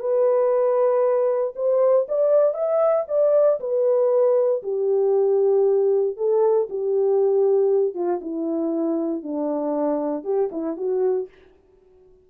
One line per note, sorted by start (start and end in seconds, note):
0.00 1.54 B4
1.56 2.07 C5
2.08 2.54 D5
2.54 3.05 E5
3.08 3.60 D5
3.60 4.63 B4
4.63 6.17 G4
6.17 6.68 A4
6.70 7.95 G4
7.95 8.20 F4
8.21 9.23 E4
9.23 10.24 D4
10.24 10.50 G4
10.52 10.77 E4
10.77 11.28 F#4